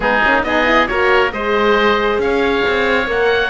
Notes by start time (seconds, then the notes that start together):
0.00 G#3 B3 D#4 G#4
0.23 A#3 C#4
0.43 B3 D#4 G#4 D#5
0.65 E4
0.87 A#3 F#4 A#4 C#5
1.32 G#3 G#4 C5 D#5
2.18 C#4 C#5 F5
2.67 C4
3.06 A#3 A#4 F#5